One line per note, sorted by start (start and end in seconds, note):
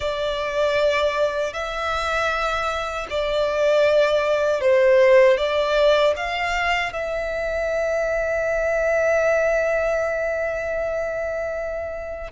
0.00 1.53 D5
1.53 3.07 E5
3.10 4.60 D5
4.60 5.37 C5
5.37 6.14 D5
6.16 6.92 F5
6.92 12.31 E5